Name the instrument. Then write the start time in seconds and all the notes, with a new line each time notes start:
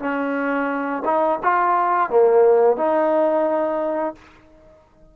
trombone
0.00 C#4
1.05 D#4
1.43 F4
2.10 A#3
2.77 D#4